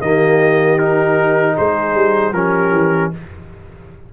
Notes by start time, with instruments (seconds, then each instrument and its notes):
0.00 tuba D#3, trombone A#3, horn G4, trumpet D#5
0.78 trombone D#4, trumpet A#4
1.56 tuba G#3, horn G#4, trumpet C5
1.94 tuba G3
2.32 tuba F3, trombone C#4, horn G4, trumpet A#4
2.71 tuba E3